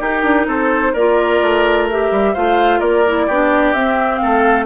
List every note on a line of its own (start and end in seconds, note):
0.00 0.23 D#4
0.00 0.94 D#4
0.00 0.47 G4
0.00 0.48 A#4
0.23 0.46 D4
0.47 0.93 C4
0.47 0.93 A4
0.47 0.94 C5
0.93 1.41 A#3
0.93 1.91 F4
0.93 2.32 A#4
0.93 1.87 D5
1.41 2.11 A3
1.90 2.36 G4
1.90 2.35 E5
2.11 2.34 G3
2.33 2.80 A3
2.33 3.06 F4
2.33 2.80 C5
2.33 2.80 F5
2.80 3.27 A#3
2.80 3.26 A#4
2.80 3.73 D5
3.07 3.30 E4
3.27 3.74 B3
3.27 3.75 D4
3.27 4.20 G4
3.73 4.20 C4
3.73 4.65 C4
3.73 4.17 E5
4.17 4.65 A3
4.17 4.65 A4
4.17 4.64 F5